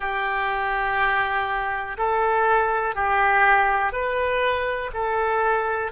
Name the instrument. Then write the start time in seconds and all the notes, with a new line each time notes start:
oboe
0.00 G4
1.97 A4
2.95 G4
3.92 B4
4.93 A4